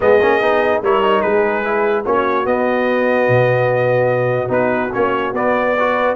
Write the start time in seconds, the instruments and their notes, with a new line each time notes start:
0.00 tuba G#3, trombone B3, horn G#4, trumpet D#5
0.21 tuba A#3, trombone C#4
0.41 tuba B3, trombone D#4
0.82 tuba G3, trombone E4, horn A#4, trumpet C#5
1.02 trombone D#4
1.21 tuba G#3, horn G#4, trumpet B4
1.63 trombone E4
2.05 tuba A#3, trombone C#4, horn F#4, trumpet C#5
2.44 trombone B3, tuba B3, trumpet D#5
3.28 tuba B2
4.48 tuba B3, trombone D#4, trumpet B4
4.92 tuba A#3, trombone C#4, trumpet C#5
5.33 tuba B3, trombone B3, trumpet D5
5.77 trombone F#4, horn B4